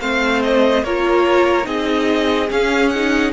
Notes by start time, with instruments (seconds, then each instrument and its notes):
0.00 cello A3, viola C4, violin C5 F5
0.42 violin D#5
0.83 cello A#3, viola F4, violin A#4 C#5
1.63 cello C4, viola D#4, violin G#4 D#5
2.50 cello C#4, viola C#4, violin F5
2.89 violin F#5
2.95 viola D#4